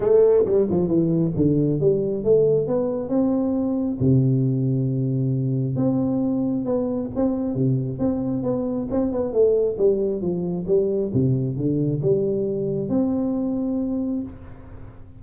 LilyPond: \new Staff \with { instrumentName = "tuba" } { \time 4/4 \tempo 4 = 135 a4 g8 f8 e4 d4 | g4 a4 b4 c'4~ | c'4 c2.~ | c4 c'2 b4 |
c'4 c4 c'4 b4 | c'8 b8 a4 g4 f4 | g4 c4 d4 g4~ | g4 c'2. | }